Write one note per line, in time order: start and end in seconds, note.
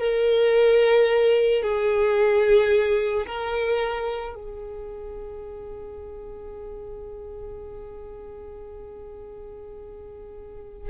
0.00 1.63 A#4
1.63 3.27 G#4
3.27 4.35 A#4
4.35 10.90 G#4